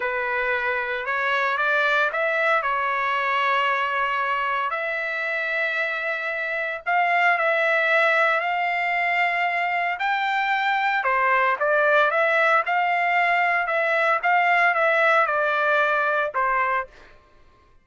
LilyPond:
\new Staff \with { instrumentName = "trumpet" } { \time 4/4 \tempo 4 = 114 b'2 cis''4 d''4 | e''4 cis''2.~ | cis''4 e''2.~ | e''4 f''4 e''2 |
f''2. g''4~ | g''4 c''4 d''4 e''4 | f''2 e''4 f''4 | e''4 d''2 c''4 | }